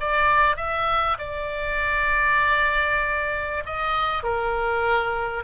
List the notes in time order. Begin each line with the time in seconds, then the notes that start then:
0.00 D5
0.56 E5
1.19 D5
3.65 D#5
4.23 A#4